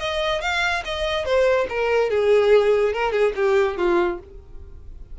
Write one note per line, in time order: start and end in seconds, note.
0.00 0.42 D#5
0.42 0.84 F5
0.85 1.25 D#5
1.25 1.67 C5
1.70 2.11 A#4
2.11 2.94 G#4
2.94 3.12 A#4
3.12 3.33 G#4
3.36 3.78 G4
3.78 4.20 F4